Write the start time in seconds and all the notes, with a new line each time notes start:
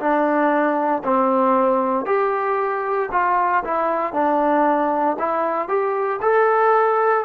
0.00 D4
1.04 C4
2.06 G4
3.12 F4
3.65 E4
4.14 D4
5.19 E4
5.69 G4
6.22 A4